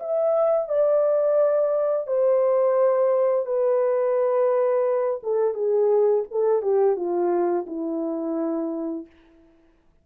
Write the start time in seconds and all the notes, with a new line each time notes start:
0.00 E5
0.69 D5
2.07 C5
3.46 B4
5.23 A4
5.54 G#4
6.31 A4
6.62 G4
6.96 F4
7.67 E4